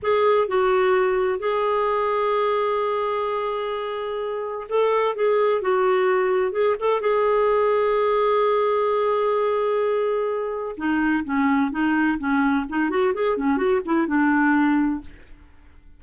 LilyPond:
\new Staff \with { instrumentName = "clarinet" } { \time 4/4 \tempo 4 = 128 gis'4 fis'2 gis'4~ | gis'1~ | gis'2 a'4 gis'4 | fis'2 gis'8 a'8 gis'4~ |
gis'1~ | gis'2. dis'4 | cis'4 dis'4 cis'4 dis'8 fis'8 | gis'8 cis'8 fis'8 e'8 d'2 | }